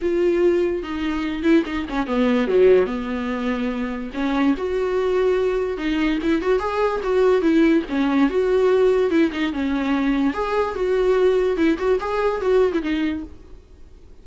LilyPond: \new Staff \with { instrumentName = "viola" } { \time 4/4 \tempo 4 = 145 f'2 dis'4. e'8 | dis'8 cis'8 b4 fis4 b4~ | b2 cis'4 fis'4~ | fis'2 dis'4 e'8 fis'8 |
gis'4 fis'4 e'4 cis'4 | fis'2 e'8 dis'8 cis'4~ | cis'4 gis'4 fis'2 | e'8 fis'8 gis'4 fis'8. e'16 dis'4 | }